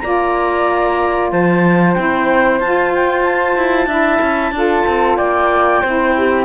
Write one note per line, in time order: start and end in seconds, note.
0.00 1.32 A#3
0.00 1.96 F4
0.00 1.32 D5
0.00 1.29 A#5
1.32 1.96 F3
1.32 3.88 C5
1.32 1.94 A5
1.94 2.60 C4
1.94 2.60 E4
1.94 2.59 G5
2.60 3.57 F4
2.60 3.88 F4
2.60 2.92 A5
2.95 3.23 G5
3.23 5.17 A5
3.57 3.87 E4
3.87 4.19 D4
3.87 4.53 E4
3.87 4.52 E5
4.22 4.52 C#4
4.52 4.84 D4
4.52 5.83 F4
4.52 5.17 A4
4.87 5.18 C4
5.17 5.83 A#3
5.17 5.81 D5
5.17 6.45 G5
5.81 6.45 C4
5.81 6.45 E4
5.81 6.14 C5
6.17 6.45 G4